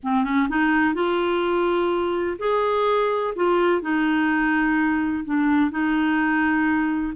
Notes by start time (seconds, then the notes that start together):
0.03 C4
0.24 C#4
0.49 D#4
0.94 F4
2.38 G#4
3.35 F4
3.81 D#4
5.24 D4
5.71 D#4